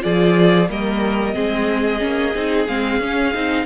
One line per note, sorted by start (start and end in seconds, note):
0.00 0.69 F3
0.00 0.66 F4
0.00 0.70 G#4
0.00 0.68 D5
0.69 1.35 G3
0.69 1.33 A#3
0.69 1.35 A#4
0.69 2.67 D#5
1.33 2.02 G#3
1.33 1.99 C4
1.33 3.65 G#4
1.99 2.35 A#3
1.99 2.32 C#4
2.34 2.68 C4
2.34 2.67 D#4
2.67 2.98 G#3
2.67 3.01 C4
2.67 3.66 F5
2.98 3.31 C#4
2.98 3.33 C#4
3.33 3.66 C4
3.33 3.66 D#4